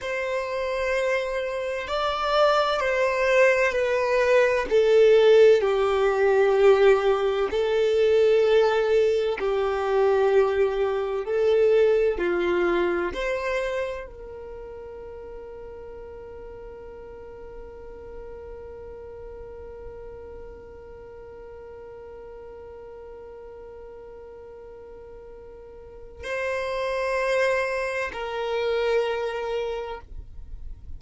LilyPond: \new Staff \with { instrumentName = "violin" } { \time 4/4 \tempo 4 = 64 c''2 d''4 c''4 | b'4 a'4 g'2 | a'2 g'2 | a'4 f'4 c''4 ais'4~ |
ais'1~ | ais'1~ | ais'1 | c''2 ais'2 | }